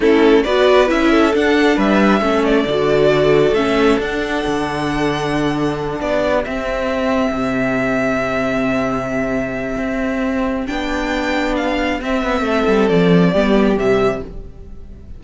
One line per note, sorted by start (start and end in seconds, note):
0.00 0.44 A3
0.00 0.45 C#4
0.00 0.42 E4
0.00 0.43 A4
0.43 0.90 B3
0.43 0.87 F#4
0.43 1.10 B4
0.43 0.88 D5
0.87 1.35 C#4
0.87 1.31 E4
0.87 1.35 E5
1.10 1.76 A4
1.33 2.21 D4
1.33 1.77 D4
1.33 1.79 F#5
1.76 2.20 G3
1.76 2.20 B4
1.76 2.44 E5
2.20 2.65 A3
2.20 2.65 C#4
2.20 6.00 A4
2.44 3.54 D5
2.66 3.52 D3
2.66 3.55 F#4
3.52 3.96 A3
3.52 4.00 C#4
3.52 3.98 E5
3.98 4.42 D4
3.98 6.44 D4
3.98 6.00 F#5
4.46 6.00 D3
6.00 6.45 B3
6.00 12.45 G4
6.00 6.44 D5
6.44 7.31 C4
6.44 10.67 C4
6.44 10.66 E5
7.31 9.75 C3
9.77 10.66 C4
10.66 12.01 B3
10.66 12.00 D4
10.66 11.55 G5
11.56 12.00 F5
12.01 12.22 C4
12.01 13.34 C4
12.01 12.88 E5
12.22 12.40 B3
12.40 12.62 A3
12.40 13.31 A4
12.67 12.89 G3
12.88 13.34 F3
12.88 13.77 D5
13.31 13.77 G3
13.31 13.77 B3
13.31 14.20 G4
13.77 14.21 C3
13.77 14.21 G3
13.77 14.23 E5